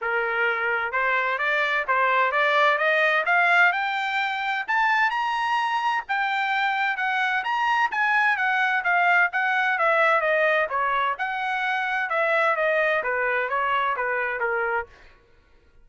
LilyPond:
\new Staff \with { instrumentName = "trumpet" } { \time 4/4 \tempo 4 = 129 ais'2 c''4 d''4 | c''4 d''4 dis''4 f''4 | g''2 a''4 ais''4~ | ais''4 g''2 fis''4 |
ais''4 gis''4 fis''4 f''4 | fis''4 e''4 dis''4 cis''4 | fis''2 e''4 dis''4 | b'4 cis''4 b'4 ais'4 | }